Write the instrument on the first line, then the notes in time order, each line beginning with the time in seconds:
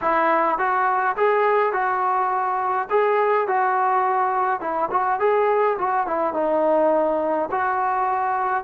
trombone
0.01 E4
0.58 F#4
1.16 G#4
1.73 F#4
2.90 G#4
3.47 F#4
4.60 E4
4.91 F#4
5.19 G#4
5.78 F#4
6.06 E4
6.33 D#4
7.51 F#4